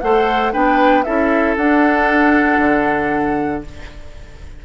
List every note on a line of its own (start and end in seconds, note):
0.00 0.54 A3
0.00 0.52 A4
0.00 0.52 C5
0.00 0.52 F#5
0.52 1.06 B3
0.52 1.04 D4
0.52 1.04 B4
0.52 1.03 G5
1.03 1.56 C#4
1.03 1.57 E4
1.03 3.64 A4
1.03 1.55 E5
1.56 2.58 D4
1.56 3.65 D4
1.56 3.63 F#5
2.58 3.61 D3